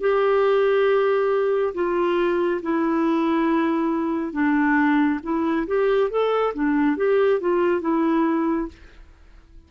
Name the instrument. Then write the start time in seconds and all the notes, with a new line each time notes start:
clarinet
0.00 G4
1.74 F4
2.62 E4
4.33 D4
5.23 E4
5.67 G4
6.10 A4
6.54 D4
6.96 G4
7.40 F4
7.81 E4